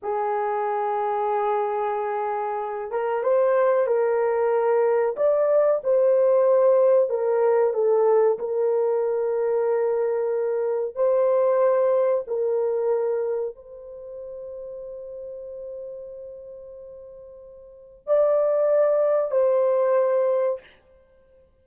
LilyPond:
\new Staff \with { instrumentName = "horn" } { \time 4/4 \tempo 4 = 93 gis'1~ | gis'8 ais'8 c''4 ais'2 | d''4 c''2 ais'4 | a'4 ais'2.~ |
ais'4 c''2 ais'4~ | ais'4 c''2.~ | c''1 | d''2 c''2 | }